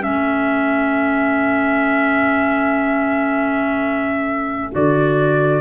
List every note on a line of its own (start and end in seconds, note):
0.00 4.75 A3
0.00 4.70 C#4
0.00 5.61 A4
0.00 4.73 E5
4.71 5.61 D3
4.71 5.61 F#4
4.71 5.61 D5